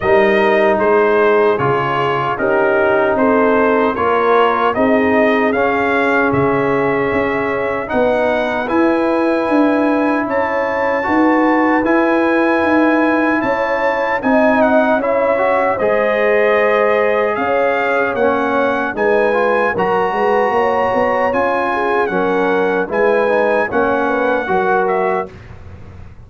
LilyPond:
<<
  \new Staff \with { instrumentName = "trumpet" } { \time 4/4 \tempo 4 = 76 dis''4 c''4 cis''4 ais'4 | c''4 cis''4 dis''4 f''4 | e''2 fis''4 gis''4~ | gis''4 a''2 gis''4~ |
gis''4 a''4 gis''8 fis''8 e''4 | dis''2 f''4 fis''4 | gis''4 ais''2 gis''4 | fis''4 gis''4 fis''4. e''8 | }
  \new Staff \with { instrumentName = "horn" } { \time 4/4 ais'4 gis'2 g'4 | a'4 ais'4 gis'2~ | gis'2 b'2~ | b'4 cis''4 b'2~ |
b'4 cis''4 dis''4 cis''4 | c''2 cis''2 | b'4 ais'8 b'8 cis''4. gis'8 | ais'4 b'4 cis''8 b'8 ais'4 | }
  \new Staff \with { instrumentName = "trombone" } { \time 4/4 dis'2 f'4 dis'4~ | dis'4 f'4 dis'4 cis'4~ | cis'2 dis'4 e'4~ | e'2 fis'4 e'4~ |
e'2 dis'4 e'8 fis'8 | gis'2. cis'4 | dis'8 f'8 fis'2 f'4 | cis'4 e'8 dis'8 cis'4 fis'4 | }
  \new Staff \with { instrumentName = "tuba" } { \time 4/4 g4 gis4 cis4 cis'4 | c'4 ais4 c'4 cis'4 | cis4 cis'4 b4 e'4 | d'4 cis'4 dis'4 e'4 |
dis'4 cis'4 c'4 cis'4 | gis2 cis'4 ais4 | gis4 fis8 gis8 ais8 b8 cis'4 | fis4 gis4 ais4 fis4 | }
>>